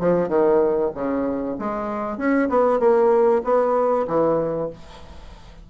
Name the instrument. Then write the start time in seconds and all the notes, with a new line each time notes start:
bassoon
0.00 F3
0.29 D#3
0.95 C#3
1.59 G#3
2.18 C#4
2.50 B3
2.80 A#3
3.44 B3
4.08 E3